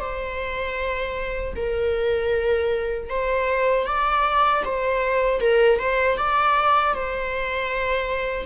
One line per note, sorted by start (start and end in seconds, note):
0.00 1.53 C5
1.56 3.09 A#4
3.09 3.86 C5
3.86 4.63 D5
4.65 5.41 C5
5.41 5.79 A#4
5.79 6.17 C5
6.17 6.94 D5
6.94 8.46 C5